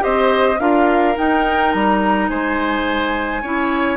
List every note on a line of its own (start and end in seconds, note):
0.00 0.60 C4
0.00 0.57 G4
0.00 0.60 C5
0.00 0.60 D#5
0.60 1.17 D4
0.60 1.15 F4
0.60 2.30 A#4
0.60 1.17 F5
1.15 3.42 D#4
1.15 1.75 D#4
1.15 1.73 G5
1.73 2.30 G3
1.73 2.29 A#5
2.29 3.43 G#3
2.29 3.43 C5
2.29 3.97 G#5
3.43 3.97 C#4
3.43 3.97 E4
3.43 3.97 C#5